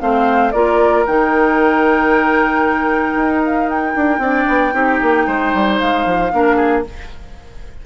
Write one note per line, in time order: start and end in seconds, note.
0.00 0.54 A3
0.00 0.53 C4
0.00 0.54 C5
0.00 0.52 F5
0.52 1.07 A#3
0.52 1.06 F4
0.52 4.22 A#4
0.52 1.04 D5
1.07 3.15 D#3
1.07 4.23 D#4
1.07 3.43 G5
3.15 3.94 D#4
3.45 3.69 F5
3.69 5.78 G5
3.95 4.19 D4
4.19 4.45 C4
4.19 4.73 D4
4.19 4.74 D5
4.48 4.74 B3
4.73 5.00 C4
4.73 6.31 D#4
4.73 5.27 G4
5.02 5.27 A#3
5.27 5.54 G#3
5.27 6.32 C5
5.54 5.81 G3
5.78 6.06 G#3
5.78 6.84 F5
6.06 6.32 F3
6.33 6.86 A#3
6.33 6.85 D4
6.33 6.56 A#4
6.56 6.83 G#4